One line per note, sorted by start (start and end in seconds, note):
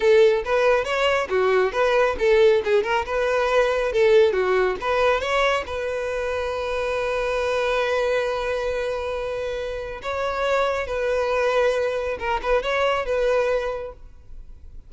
0.00 0.43 A4
0.44 0.84 B4
0.84 1.27 C#5
1.29 1.72 F#4
1.72 2.16 B4
2.18 2.62 A4
2.64 2.83 G#4
2.83 3.05 A#4
3.05 3.92 B4
3.92 4.33 A4
4.33 4.76 F#4
4.80 5.20 B4
5.20 5.63 C#5
5.66 10.01 B4
10.02 10.87 C#5
10.87 12.17 B4
12.19 12.41 A#4
12.42 12.62 B4
12.62 13.05 C#5
13.05 13.92 B4